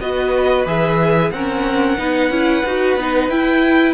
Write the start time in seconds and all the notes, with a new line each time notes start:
0.00 B3 F#4 B4 D#5
0.66 E3 G#4 E5
1.31 C4 C#4 A#4 F#5
1.98 B3 D#4 B4
2.30 C#4 E4
2.66 D#4 F#4
2.97 B3 D#4
3.29 E4 G5